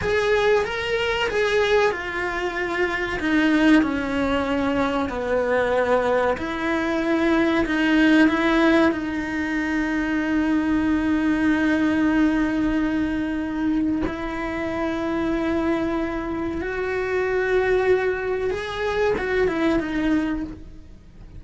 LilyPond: \new Staff \with { instrumentName = "cello" } { \time 4/4 \tempo 4 = 94 gis'4 ais'4 gis'4 f'4~ | f'4 dis'4 cis'2 | b2 e'2 | dis'4 e'4 dis'2~ |
dis'1~ | dis'2 e'2~ | e'2 fis'2~ | fis'4 gis'4 fis'8 e'8 dis'4 | }